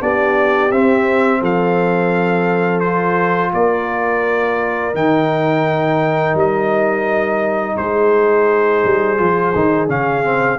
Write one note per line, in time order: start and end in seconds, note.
0.00 0.71 B3
0.00 0.71 D4
0.00 1.40 G4
0.00 0.71 D5
0.71 1.42 C4
0.71 2.84 C4
0.71 1.42 E5
1.40 3.53 F3
1.40 3.52 A4
1.40 2.80 F5
2.80 4.94 F4
2.80 3.51 C5
3.53 4.94 A#3
3.53 7.76 A#4
3.53 4.95 D5
4.94 6.34 D#3
4.94 9.17 D#4
4.94 6.37 G5
6.34 7.76 G3
6.34 7.77 D#5
7.76 8.84 G#3
7.76 10.59 G#4
7.76 9.88 C5
8.84 9.19 G3
9.17 9.54 F3
9.17 9.53 F4
9.55 9.89 D#3
9.55 9.88 D#4
9.88 10.59 C#3
9.88 10.23 C#4
9.88 10.59 F5
10.23 10.59 C4